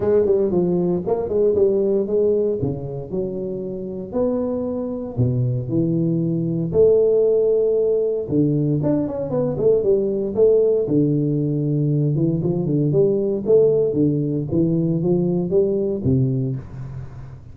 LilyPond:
\new Staff \with { instrumentName = "tuba" } { \time 4/4 \tempo 4 = 116 gis8 g8 f4 ais8 gis8 g4 | gis4 cis4 fis2 | b2 b,4 e4~ | e4 a2. |
d4 d'8 cis'8 b8 a8 g4 | a4 d2~ d8 e8 | f8 d8 g4 a4 d4 | e4 f4 g4 c4 | }